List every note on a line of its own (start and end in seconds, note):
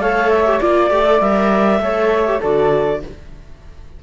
0.00 0.60 A3
0.00 0.46 A4
0.00 0.61 C#5
0.00 0.30 F5
0.30 0.60 E5
0.46 0.61 G4
0.61 0.91 A#3
0.61 0.91 F4
0.61 1.81 D5
0.61 1.21 D5
0.91 1.21 A3
0.91 1.06 G4
1.07 1.22 A4
1.21 1.80 G3
1.21 1.82 A#4
1.21 2.41 E5
1.80 2.40 A3
1.80 2.27 A4
1.80 2.41 C#5
2.27 2.42 G4
2.41 3.03 D3
2.41 3.02 F#4
2.41 3.00 A4
2.41 3.02 D5